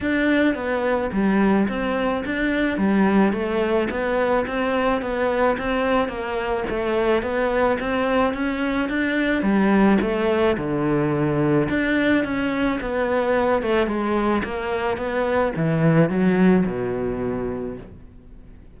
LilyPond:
\new Staff \with { instrumentName = "cello" } { \time 4/4 \tempo 4 = 108 d'4 b4 g4 c'4 | d'4 g4 a4 b4 | c'4 b4 c'4 ais4 | a4 b4 c'4 cis'4 |
d'4 g4 a4 d4~ | d4 d'4 cis'4 b4~ | b8 a8 gis4 ais4 b4 | e4 fis4 b,2 | }